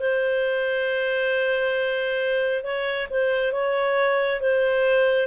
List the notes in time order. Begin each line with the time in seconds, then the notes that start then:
0.00 C5
2.64 C#5
3.11 C5
3.53 C#5
4.41 C5